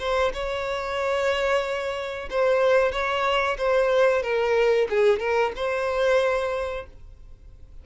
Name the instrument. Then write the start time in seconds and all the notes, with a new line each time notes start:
violin
0.00 C5
0.34 C#5
2.31 C5
2.92 C#5
3.58 C5
4.23 A#4
4.90 G#4
5.20 A#4
5.56 C5